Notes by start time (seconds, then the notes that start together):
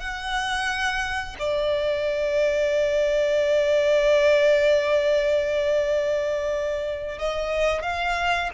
0.00 F#5
1.39 D5
7.19 D#5
7.83 F5